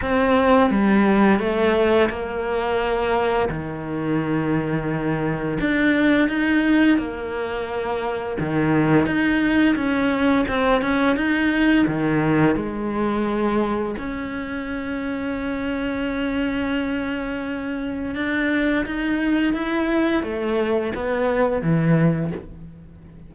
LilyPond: \new Staff \with { instrumentName = "cello" } { \time 4/4 \tempo 4 = 86 c'4 g4 a4 ais4~ | ais4 dis2. | d'4 dis'4 ais2 | dis4 dis'4 cis'4 c'8 cis'8 |
dis'4 dis4 gis2 | cis'1~ | cis'2 d'4 dis'4 | e'4 a4 b4 e4 | }